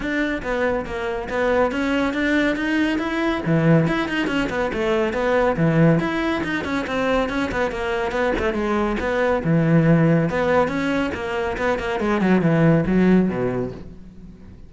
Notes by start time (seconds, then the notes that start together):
0.00 D4
0.42 B3
0.85 A#3
1.29 B3
1.71 C#4
2.13 D4
2.56 D#4
2.98 E4
3.46 E3
3.87 E4
4.08 D#4
4.27 C#4
4.49 B3
4.73 A3
5.13 B3
5.56 E3
5.99 E4
6.43 D#4
6.64 C#4
6.86 C4
7.29 C#4
7.51 B3
7.71 A#3
8.11 B3
8.38 A3
8.53 G#3
9.00 B3
9.44 E3
10.29 B3
10.68 C#4
11.14 A#3
11.57 B3
11.79 A#3
11.99 G#3
12.21 F#3
12.41 E3
12.86 F#3
13.28 B2